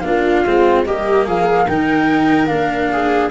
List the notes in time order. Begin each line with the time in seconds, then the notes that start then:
0.00 A#3 D4 F4 F5
0.46 G#3 C4
0.85 G3 A#3 G4 D#5
1.27 F3 G#4 F5
1.66 D#3 D#4 A#4 G5
2.47 A#3 D4 F5
2.92 G#4